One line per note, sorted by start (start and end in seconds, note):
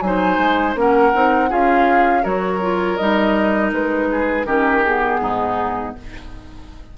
0.00 0.37 F#3
0.00 0.75 D#4
0.00 0.80 C5
0.00 0.74 G#5
0.37 0.74 G#3
0.75 1.12 A#3
0.75 1.12 C#4
0.75 1.49 A#4
0.75 1.52 F#5
1.13 1.51 C4
1.13 1.49 D#4
1.49 2.25 C#4
1.49 2.22 F4
1.49 2.22 G#4
1.49 2.24 F5
2.22 2.99 F#3
2.22 2.59 F#4
2.22 4.07 A#4
2.22 2.96 C#5
2.61 2.98 F4
2.96 3.72 G3
2.96 4.46 D#4
2.96 3.70 D#5
3.72 4.45 G#3
3.72 4.45 B4
4.11 4.46 G#4
4.45 5.19 D#3
4.45 4.83 C#4
4.45 5.20 G4
4.45 4.82 A#4
4.83 5.97 B3
4.83 5.94 G#4
5.21 5.95 G#2
5.21 5.95 D#4